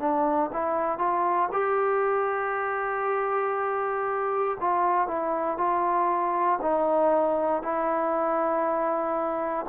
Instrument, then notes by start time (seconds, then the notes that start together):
trombone
0.00 D4
0.53 E4
0.99 F4
1.53 G4
4.61 F4
5.08 E4
5.58 F4
6.62 D#4
7.63 E4